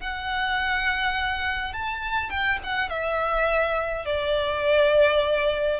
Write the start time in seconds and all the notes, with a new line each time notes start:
0.00 F#5
1.73 A5
2.30 G5
2.63 F#5
2.89 E5
4.05 D5